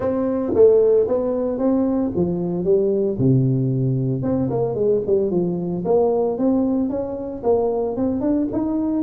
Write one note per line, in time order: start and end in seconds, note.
0.00 0.53 C4
0.54 1.07 A3
1.08 1.58 B3
1.58 2.11 C4
2.15 2.64 F3
2.64 3.17 G3
3.18 4.22 C3
4.22 4.49 C4
4.50 4.74 A#3
4.74 5.01 G#3
5.06 5.30 G3
5.30 5.84 F3
5.84 6.37 A#3
6.37 6.89 C4
6.89 7.42 C#4
7.43 7.96 A#3
7.96 8.20 C4
8.20 8.47 D4
8.52 9.03 D#4